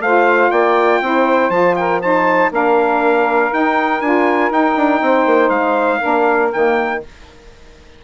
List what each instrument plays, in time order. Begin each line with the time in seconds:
0.00 bassoon A3, saxophone F4 C5, trumpet F5
0.51 bassoon A#3, saxophone D5, trumpet G5
1.01 bassoon C4, saxophone E4 C5
1.49 bassoon F3, saxophone F4, trumpet A5
1.76 saxophone A#4, trumpet G5
2.01 saxophone D#4 C5, trumpet A5
2.51 bassoon A#3, saxophone D4 A#4, trumpet F5
3.52 saxophone D#4, bassoon D#4, trumpet G5
4.01 bassoon D4, saxophone F4, trumpet G#5
4.51 bassoon D#4, saxophone D#4, trumpet G5
4.76 bassoon D4
5.02 bassoon C4, saxophone C5
5.26 bassoon A#3
5.49 bassoon G#3, trumpet F5
6.00 bassoon A#3, saxophone D4 A#4
6.52 bassoon D#3, saxophone A#3, trumpet G5